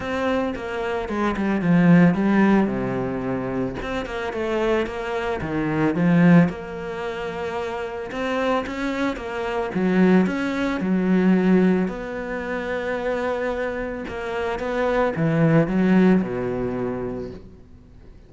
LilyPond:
\new Staff \with { instrumentName = "cello" } { \time 4/4 \tempo 4 = 111 c'4 ais4 gis8 g8 f4 | g4 c2 c'8 ais8 | a4 ais4 dis4 f4 | ais2. c'4 |
cis'4 ais4 fis4 cis'4 | fis2 b2~ | b2 ais4 b4 | e4 fis4 b,2 | }